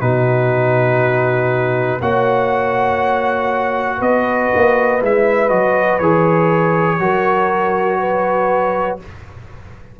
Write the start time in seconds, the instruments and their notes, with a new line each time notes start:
0.00 tuba B2, trombone D#4, horn F#4, trumpet B4
2.01 tuba A#3, trombone F#4, horn C#5, trumpet F#5
3.97 tuba B3, horn B4, trumpet D#5
4.55 tuba A#3
5.01 tuba G#3, trombone E4, trumpet E5
5.49 tuba F#3, trombone F#4, trumpet D#5
5.98 tuba E3, trombone G#4, trumpet C#5
6.99 tuba F#3, trombone F#4, horn A#4
8.00 horn B4